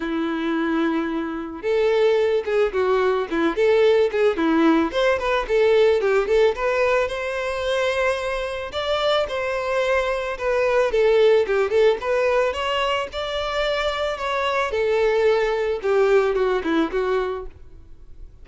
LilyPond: \new Staff \with { instrumentName = "violin" } { \time 4/4 \tempo 4 = 110 e'2. a'4~ | a'8 gis'8 fis'4 e'8 a'4 gis'8 | e'4 c''8 b'8 a'4 g'8 a'8 | b'4 c''2. |
d''4 c''2 b'4 | a'4 g'8 a'8 b'4 cis''4 | d''2 cis''4 a'4~ | a'4 g'4 fis'8 e'8 fis'4 | }